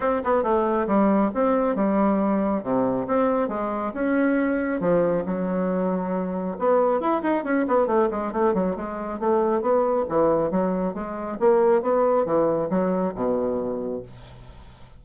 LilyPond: \new Staff \with { instrumentName = "bassoon" } { \time 4/4 \tempo 4 = 137 c'8 b8 a4 g4 c'4 | g2 c4 c'4 | gis4 cis'2 f4 | fis2. b4 |
e'8 dis'8 cis'8 b8 a8 gis8 a8 fis8 | gis4 a4 b4 e4 | fis4 gis4 ais4 b4 | e4 fis4 b,2 | }